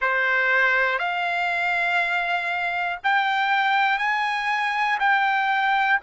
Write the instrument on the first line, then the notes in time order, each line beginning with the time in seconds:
trumpet
0.00 C5
0.98 F5
3.03 G5
3.98 G#5
5.00 G5